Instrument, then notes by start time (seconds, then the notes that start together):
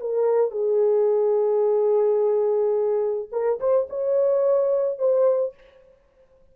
horn
0.00 A#4
0.51 G#4
3.32 A#4
3.60 C5
3.89 C#5
4.98 C5